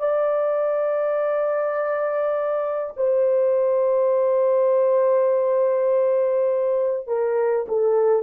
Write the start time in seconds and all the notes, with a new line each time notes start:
0.00 D5
2.97 C5
7.07 A#4
7.68 A4